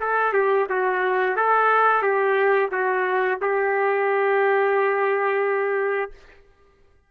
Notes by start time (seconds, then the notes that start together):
0.00 A4
0.33 G4
0.69 F#4
1.36 A4
2.02 G4
2.71 F#4
3.41 G4